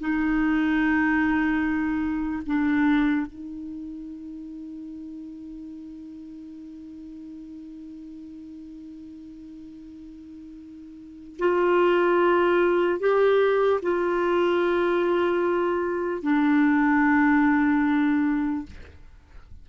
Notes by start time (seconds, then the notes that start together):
0.00 D#4
2.46 D4
3.27 D#4
11.39 F4
13.00 G4
13.82 F4
16.23 D4